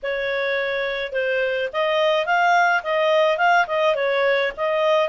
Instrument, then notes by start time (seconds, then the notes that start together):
clarinet
0.02 C#5
1.12 C5
1.73 D#5
2.25 F5
2.83 D#5
3.37 F5
3.67 D#5
3.95 C#5
4.56 D#5